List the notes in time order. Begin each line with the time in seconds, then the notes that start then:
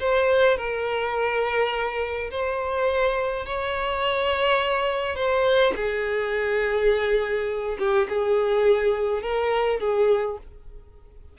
0.00 C5
0.57 A#4
2.31 C5
3.46 C#5
5.16 C5
5.76 G#4
7.79 G4
8.09 G#4
9.22 A#4
9.80 G#4